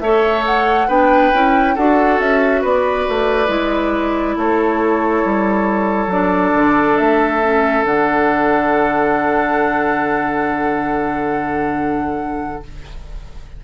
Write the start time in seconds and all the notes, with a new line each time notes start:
0.00 A3 A4 C#5 E5
0.46 F#5
0.88 B3 D4 B4 G5
1.33 C#4 E4
1.75 D4 F#4 A4 F#5
2.19 C#4 E5
2.61 B3 B4 D5
3.09 A3
3.47 G#3 E4
4.36 A3 A4 C#5
5.25 G3
6.07 F#3 D4 D5
6.55 D3
6.97 A3 E5
7.42 C#4
7.84 D3 D4 F#5